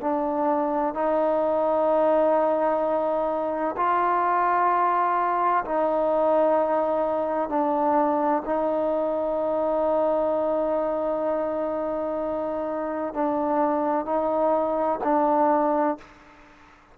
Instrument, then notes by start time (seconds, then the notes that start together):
trombone
0.00 D4
0.94 D#4
3.76 F4
5.64 D#4
7.49 D4
8.45 D#4
13.13 D4
14.05 D#4
15.04 D4